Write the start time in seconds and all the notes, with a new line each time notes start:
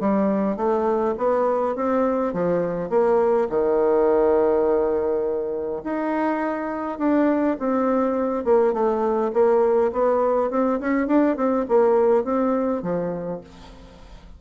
0.00 G3
0.57 A3
1.18 B3
1.76 C4
2.33 F3
2.90 A#3
3.50 D#3
5.84 D#4
6.98 D4
7.59 C4
8.45 A#3
8.73 A3
9.33 A#3
9.93 B3
10.50 C4
10.80 C#4
11.08 D4
11.37 C4
11.69 A#3
12.24 C4
12.83 F3